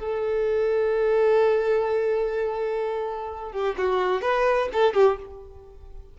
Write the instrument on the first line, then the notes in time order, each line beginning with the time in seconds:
violin
0.00 A4
3.52 G4
3.78 F#4
4.22 B4
4.73 A4
4.94 G4